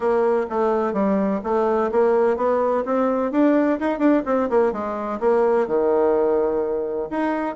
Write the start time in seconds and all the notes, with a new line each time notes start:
0.00 A#3
0.49 A3
0.93 G3
1.43 A3
1.91 A#3
2.36 B3
2.85 C4
3.31 D4
3.79 D#4
3.99 D4
4.25 C4
4.49 A#3
4.72 G#3
5.19 A#3
5.67 D#3
7.10 D#4